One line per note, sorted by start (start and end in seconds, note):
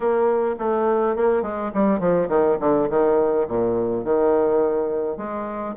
0.00 0.55 A#3
0.58 1.16 A3
1.16 1.42 A#3
1.42 1.71 G#3
1.74 1.99 G3
1.99 2.28 F3
2.28 2.57 D#3
2.60 2.88 D3
2.89 3.47 D#3
3.48 4.04 A#2
4.04 5.17 D#3
5.17 5.75 G#3